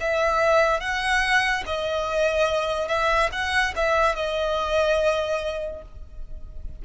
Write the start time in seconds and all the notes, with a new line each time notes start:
0.00 E5
0.80 F#5
1.66 D#5
2.88 E5
3.32 F#5
3.76 E5
4.15 D#5